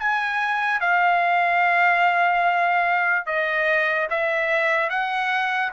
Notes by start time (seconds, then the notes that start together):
0.00 G#5
0.81 F5
3.27 D#5
4.11 E5
4.90 F#5